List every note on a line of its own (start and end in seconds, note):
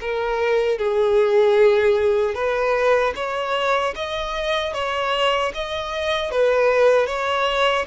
0.00 0.78 A#4
0.78 2.34 G#4
2.34 3.13 B4
3.15 3.94 C#5
3.95 4.73 D#5
4.73 5.52 C#5
5.54 6.31 D#5
6.31 7.06 B4
7.06 7.85 C#5